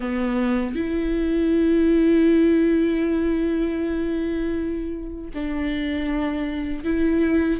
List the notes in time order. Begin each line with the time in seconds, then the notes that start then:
0.00 B3
0.75 E4
5.34 D4
6.84 E4